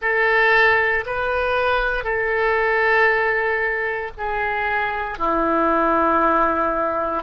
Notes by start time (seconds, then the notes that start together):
0.01 A4
1.06 B4
2.04 A4
4.17 G#4
5.18 E4